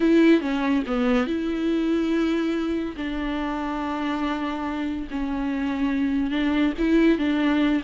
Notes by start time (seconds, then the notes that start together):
0.00 E4
0.40 C#4
0.86 B3
1.26 E4
2.96 D4
5.10 C#4
6.31 D4
6.78 E4
7.18 D4